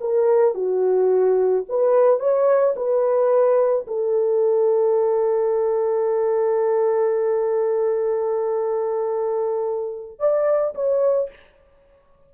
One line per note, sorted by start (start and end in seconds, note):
0.00 0.54 A#4
0.54 1.64 F#4
1.68 2.19 B4
2.19 2.74 C#5
2.75 3.86 B4
3.87 10.19 A4
10.19 10.74 D5
10.74 11.29 C#5